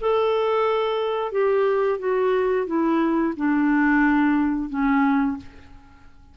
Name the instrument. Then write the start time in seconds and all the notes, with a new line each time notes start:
clarinet
0.00 A4
1.31 G4
1.99 F#4
2.66 E4
3.36 D4
4.69 C#4